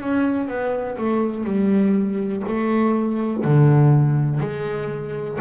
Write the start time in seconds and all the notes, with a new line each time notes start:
0.00 C#4
0.48 B3
0.97 A3
1.44 G3
2.47 A3
3.44 D3
4.39 G#3